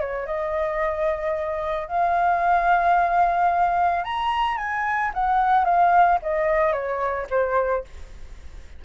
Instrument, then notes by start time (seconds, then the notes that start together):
flute
0.00 C#5
0.26 D#5
1.87 F5
4.04 A#5
4.57 G#5
5.13 F#5
5.64 F5
6.22 D#5
6.72 C#5
7.30 C5